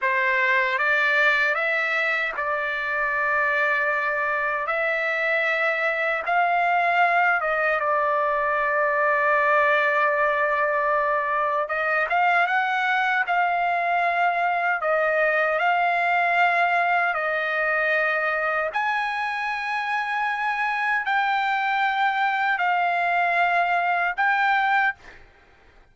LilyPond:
\new Staff \with { instrumentName = "trumpet" } { \time 4/4 \tempo 4 = 77 c''4 d''4 e''4 d''4~ | d''2 e''2 | f''4. dis''8 d''2~ | d''2. dis''8 f''8 |
fis''4 f''2 dis''4 | f''2 dis''2 | gis''2. g''4~ | g''4 f''2 g''4 | }